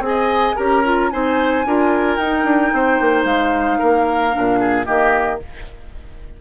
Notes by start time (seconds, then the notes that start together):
0.00 C4 G#4 G#5
0.08 D#5
0.56 C#4 G4 A#4 A#5
0.85 F4
1.11 C4 D#4 C5 G#5
1.66 D4 F4 A#4
2.16 D#4 G5
2.44 D4
2.73 C4 C5
3.01 A#3
3.25 G#3 F5
3.79 A#3 A#4
4.32 A#2 D4
4.60 G#4
4.85 D#3 A#3 G4 D#5